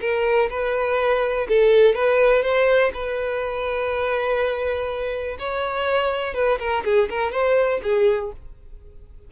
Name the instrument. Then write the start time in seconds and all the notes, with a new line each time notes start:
violin
0.00 A#4
0.49 B4
1.48 A4
1.94 B4
2.42 C5
2.93 B4
5.39 C#5
6.34 B4
6.59 A#4
6.84 G#4
7.09 A#4
7.31 C5
7.82 G#4